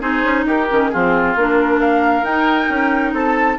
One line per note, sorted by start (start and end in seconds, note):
0.00 0.24 C4
0.00 0.67 D#4
0.00 0.46 G#4
0.00 0.46 C5
0.24 0.45 C#4
0.45 0.68 D#4
0.45 0.91 G4
0.45 0.89 A#4
0.70 0.94 D#3
0.70 0.93 C#4
0.89 1.36 F3
0.89 1.37 C4
0.89 1.81 F4
0.89 1.34 G#4
1.36 2.23 A#3
1.36 2.25 D4
1.36 1.80 A#4
1.80 3.14 A#4
1.80 2.25 F5
2.23 2.67 D#4
2.23 3.58 D#4
2.23 3.14 G5
2.70 3.13 C#4
3.13 3.57 C4
3.13 3.58 A4
3.13 3.59 A5